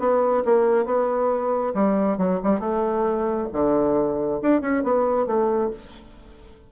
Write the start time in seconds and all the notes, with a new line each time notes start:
0.00 B3
0.46 A#3
0.86 B3
1.74 G3
2.18 F#3
2.44 G3
2.60 A3
3.53 D3
4.42 D4
4.62 C#4
4.84 B3
5.27 A3